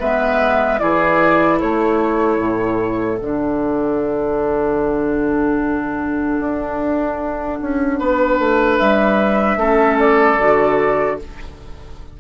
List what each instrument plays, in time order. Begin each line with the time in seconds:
0.00 bassoon G#3, clarinet B3, oboe B4, flute E5
0.79 bassoon E3, clarinet E4, oboe G#4, flute D5
1.58 bassoon A3, oboe A4, flute C#5
2.38 bassoon A2
3.19 bassoon D3, clarinet D4, flute F#5
6.40 bassoon D4
7.62 bassoon C#4
7.99 bassoon B3, oboe B4
8.39 bassoon A3
8.78 bassoon G3, flute E5
9.56 bassoon A3, clarinet C#4, oboe A4
9.99 flute D5
10.39 bassoon D3, clarinet F#4